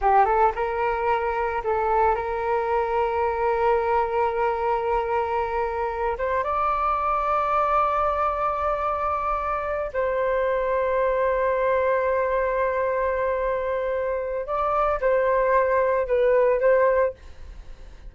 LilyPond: \new Staff \with { instrumentName = "flute" } { \time 4/4 \tempo 4 = 112 g'8 a'8 ais'2 a'4 | ais'1~ | ais'2.~ ais'8 c''8 | d''1~ |
d''2~ d''8 c''4.~ | c''1~ | c''2. d''4 | c''2 b'4 c''4 | }